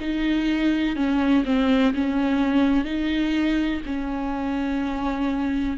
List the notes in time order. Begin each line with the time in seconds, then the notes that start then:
0.00 D#4
0.96 C#4
1.45 C4
1.94 C#4
2.85 D#4
3.86 C#4